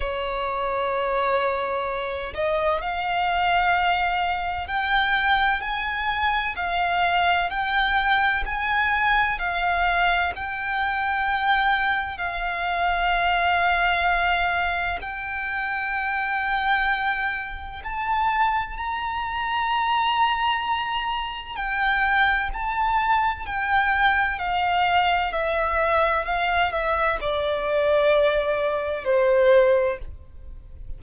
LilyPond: \new Staff \with { instrumentName = "violin" } { \time 4/4 \tempo 4 = 64 cis''2~ cis''8 dis''8 f''4~ | f''4 g''4 gis''4 f''4 | g''4 gis''4 f''4 g''4~ | g''4 f''2. |
g''2. a''4 | ais''2. g''4 | a''4 g''4 f''4 e''4 | f''8 e''8 d''2 c''4 | }